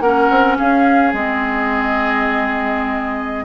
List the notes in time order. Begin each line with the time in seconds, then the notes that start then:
0.00 A#3 C#4 A#4 F#5
0.30 C4
0.57 C#4 G#4 F5
1.13 G#3 C4 D#5